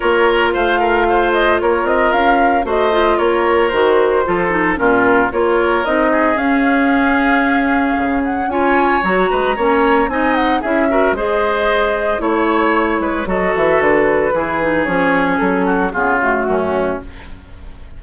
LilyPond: <<
  \new Staff \with { instrumentName = "flute" } { \time 4/4 \tempo 4 = 113 cis''4 f''4. dis''8 cis''8 dis''8 | f''4 dis''4 cis''4 c''4~ | c''4 ais'4 cis''4 dis''4 | f''2.~ f''8 fis''8 |
gis''4 ais''2 gis''8 fis''8 | e''4 dis''2 cis''4~ | cis''4 dis''8 e''8 b'2 | cis''4 a'4 gis'8 fis'4. | }
  \new Staff \with { instrumentName = "oboe" } { \time 4/4 ais'4 c''8 ais'8 c''4 ais'4~ | ais'4 c''4 ais'2 | a'4 f'4 ais'4. gis'8~ | gis'1 |
cis''4. b'8 cis''4 dis''4 | gis'8 ais'8 c''2 cis''4~ | cis''8 b'8 a'2 gis'4~ | gis'4. fis'8 f'4 cis'4 | }
  \new Staff \with { instrumentName = "clarinet" } { \time 4/4 f'1~ | f'4 fis'8 f'4. fis'4 | f'8 dis'8 cis'4 f'4 dis'4 | cis'1 |
f'4 fis'4 cis'4 dis'4 | e'8 fis'8 gis'2 e'4~ | e'4 fis'2 e'8 dis'8 | cis'2 b8 a4. | }
  \new Staff \with { instrumentName = "bassoon" } { \time 4/4 ais4 a2 ais8 c'8 | cis'4 a4 ais4 dis4 | f4 ais,4 ais4 c'4 | cis'2. cis4 |
cis'4 fis8 gis8 ais4 c'4 | cis'4 gis2 a4~ | a8 gis8 fis8 e8 d4 e4 | f4 fis4 cis4 fis,4 | }
>>